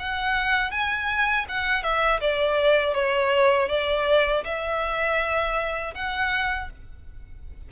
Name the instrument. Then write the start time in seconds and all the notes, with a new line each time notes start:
violin
0.00 F#5
0.72 G#5
1.49 F#5
1.83 E5
2.21 D5
2.95 C#5
3.69 D5
4.45 E5
5.95 F#5